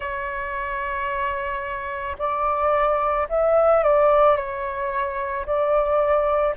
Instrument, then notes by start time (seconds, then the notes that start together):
flute
0.00 C#5
2.18 D5
3.29 E5
3.83 D5
4.36 C#5
5.45 D5